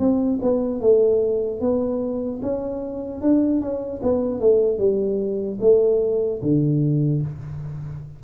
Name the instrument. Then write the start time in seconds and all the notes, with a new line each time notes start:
tuba
0.00 C4
0.42 B3
0.81 A3
1.61 B3
2.43 C#4
3.22 D4
3.61 C#4
4.03 B3
4.41 A3
4.79 G3
5.61 A3
6.43 D3